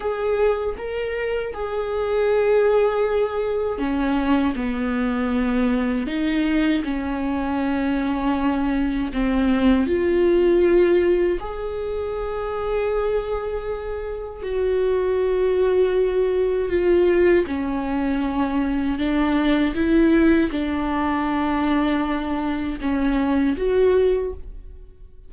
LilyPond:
\new Staff \with { instrumentName = "viola" } { \time 4/4 \tempo 4 = 79 gis'4 ais'4 gis'2~ | gis'4 cis'4 b2 | dis'4 cis'2. | c'4 f'2 gis'4~ |
gis'2. fis'4~ | fis'2 f'4 cis'4~ | cis'4 d'4 e'4 d'4~ | d'2 cis'4 fis'4 | }